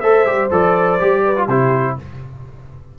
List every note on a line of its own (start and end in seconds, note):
0.00 0.26 A3
0.00 0.26 A4
0.00 1.23 C5
0.00 0.48 E5
0.26 0.50 G3
0.26 0.50 G4
0.50 1.00 F3
0.50 0.99 A4
0.50 1.48 D5
0.99 1.47 G3
0.99 1.35 G4
1.25 1.45 B4
1.36 1.48 F4
1.45 1.96 C3
1.45 1.98 E4
1.45 1.94 G4
1.45 1.96 C5